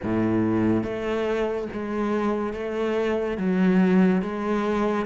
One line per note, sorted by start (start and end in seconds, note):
0.03 0.83 A2
0.83 1.68 A3
1.72 2.53 G#3
2.53 3.37 A3
3.37 4.21 F#3
4.21 5.05 G#3